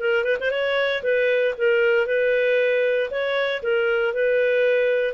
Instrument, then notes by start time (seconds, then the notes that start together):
clarinet
0.00 A#4
0.24 B4
0.40 C5
0.51 C#5
1.03 B4
1.58 A#4
2.07 B4
3.11 C#5
3.63 A#4
4.14 B4